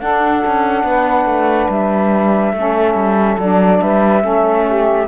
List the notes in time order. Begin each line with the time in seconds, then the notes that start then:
0.00 D4 A4 F#5
0.47 C#4
0.84 B3 B4
1.26 A3
1.69 G3 E5
2.53 A3 C#4 A4
2.95 G3
3.39 F#3 D4 D5
3.82 G3 B4 E5
4.21 A3 C#4 A4
4.67 G4